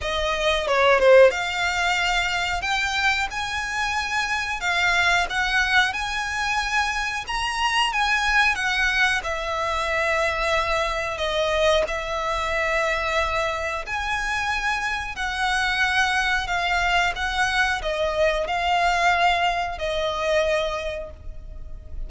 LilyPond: \new Staff \with { instrumentName = "violin" } { \time 4/4 \tempo 4 = 91 dis''4 cis''8 c''8 f''2 | g''4 gis''2 f''4 | fis''4 gis''2 ais''4 | gis''4 fis''4 e''2~ |
e''4 dis''4 e''2~ | e''4 gis''2 fis''4~ | fis''4 f''4 fis''4 dis''4 | f''2 dis''2 | }